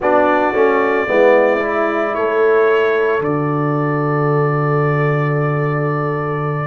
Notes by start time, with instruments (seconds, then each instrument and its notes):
0.00 tuba B3, trombone D4, horn F#4, trumpet D5
0.53 tuba A3, trombone C#4
1.06 tuba G#3, trombone B3, horn E4
1.60 trombone E4
2.14 tuba A3, horn A4, trumpet C#5
3.20 tuba D3, trombone F#4, trumpet D5